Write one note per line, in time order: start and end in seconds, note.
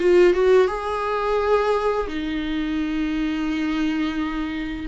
0.00 0.34 F4
0.34 0.68 F#4
0.68 2.07 G#4
2.08 4.87 D#4